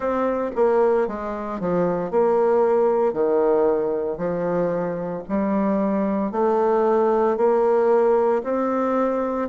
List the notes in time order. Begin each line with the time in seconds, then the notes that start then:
0.00 C4
0.55 A#3
1.07 G#3
1.60 F3
2.11 A#3
3.13 D#3
4.17 F3
5.29 G3
6.32 A3
7.37 A#3
8.43 C4